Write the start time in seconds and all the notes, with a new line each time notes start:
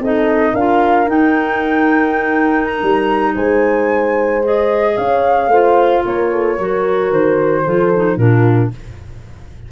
0.00 C4 D#4 A4 D#5
0.52 D4 F4 A#4 F5
1.07 D#4 G5
2.66 A#5
2.82 G3
3.34 G#3 C5 G#5
4.44 G#4 D#5
4.97 C#4 C#5 F5
5.47 A3 F4 C5
6.05 A#3 A#4 C#5
6.32 A4
6.57 F#3 F#4 A#4
7.11 D#3 C5
7.65 F3 F4 A4
7.96 D#4
8.17 A#2 D4 F4 A#4